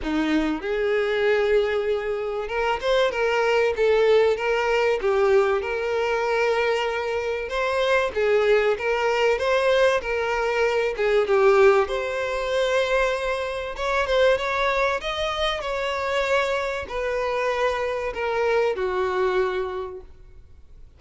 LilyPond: \new Staff \with { instrumentName = "violin" } { \time 4/4 \tempo 4 = 96 dis'4 gis'2. | ais'8 c''8 ais'4 a'4 ais'4 | g'4 ais'2. | c''4 gis'4 ais'4 c''4 |
ais'4. gis'8 g'4 c''4~ | c''2 cis''8 c''8 cis''4 | dis''4 cis''2 b'4~ | b'4 ais'4 fis'2 | }